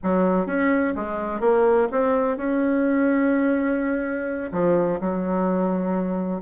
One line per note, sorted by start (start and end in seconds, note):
0.03 0.46 F#3
0.46 0.94 C#4
0.95 1.40 G#3
1.40 1.88 A#3
1.91 2.37 C4
2.37 4.51 C#4
4.52 4.99 F3
5.00 6.41 F#3